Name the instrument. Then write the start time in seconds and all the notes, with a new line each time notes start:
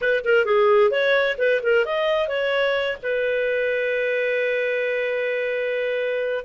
clarinet
0.01 B4
0.24 A#4
0.45 G#4
0.90 C#5
1.38 B4
1.62 A#4
1.85 D#5
2.27 C#5
3.02 B4